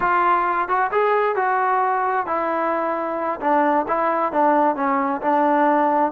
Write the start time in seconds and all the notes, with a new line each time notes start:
0.00 F4
0.68 F#4
0.91 G#4
1.35 F#4
2.26 E4
3.40 D4
3.87 E4
4.32 D4
4.75 C#4
5.21 D4